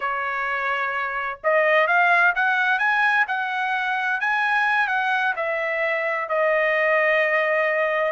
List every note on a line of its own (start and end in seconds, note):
0.00 1.39 C#5
1.43 1.87 D#5
1.87 2.33 F5
2.35 2.79 F#5
2.79 3.25 G#5
3.27 4.20 F#5
4.20 4.87 G#5
4.87 5.34 F#5
5.36 6.29 E5
6.29 8.12 D#5